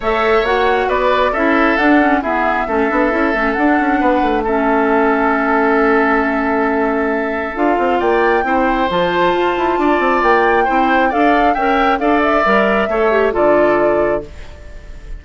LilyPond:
<<
  \new Staff \with { instrumentName = "flute" } { \time 4/4 \tempo 4 = 135 e''4 fis''4 d''4 e''4 | fis''4 e''2. | fis''2 e''2~ | e''1~ |
e''4 f''4 g''2 | a''2. g''4~ | g''4 f''4 g''4 f''8 e''8~ | e''2 d''2 | }
  \new Staff \with { instrumentName = "oboe" } { \time 4/4 cis''2 b'4 a'4~ | a'4 gis'4 a'2~ | a'4 b'4 a'2~ | a'1~ |
a'2 d''4 c''4~ | c''2 d''2 | c''4 d''4 e''4 d''4~ | d''4 cis''4 a'2 | }
  \new Staff \with { instrumentName = "clarinet" } { \time 4/4 a'4 fis'2 e'4 | d'8 cis'8 b4 cis'8 d'8 e'8 cis'8 | d'2 cis'2~ | cis'1~ |
cis'4 f'2 e'4 | f'1 | e'4 a'4 ais'4 a'4 | ais'4 a'8 g'8 f'2 | }
  \new Staff \with { instrumentName = "bassoon" } { \time 4/4 a4 ais4 b4 cis'4 | d'4 e'4 a8 b8 cis'8 a8 | d'8 cis'8 b8 a2~ a8~ | a1~ |
a4 d'8 c'8 ais4 c'4 | f4 f'8 e'8 d'8 c'8 ais4 | c'4 d'4 cis'4 d'4 | g4 a4 d2 | }
>>